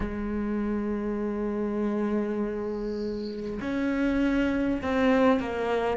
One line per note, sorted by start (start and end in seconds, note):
0.00 3.59 G#3
3.61 4.81 C#4
4.82 5.39 C4
5.39 5.97 A#3